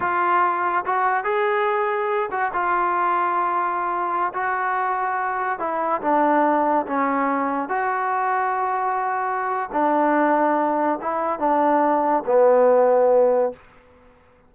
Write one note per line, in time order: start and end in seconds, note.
0.00 0.84 F4
0.85 1.24 F#4
1.24 2.29 G#4
2.31 2.52 F#4
2.53 4.33 F4
4.33 5.59 F#4
5.59 6.01 E4
6.01 6.86 D4
6.86 7.68 C#4
7.68 9.69 F#4
9.72 10.99 D4
11.01 11.39 E4
11.39 12.23 D4
12.25 13.52 B3